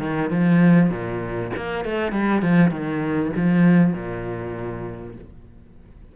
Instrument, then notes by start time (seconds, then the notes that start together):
cello
0.00 D#3
0.30 F3
0.90 A#2
1.56 A#3
1.85 A3
2.12 G3
2.42 F3
2.71 D#3
3.36 F3
3.93 A#2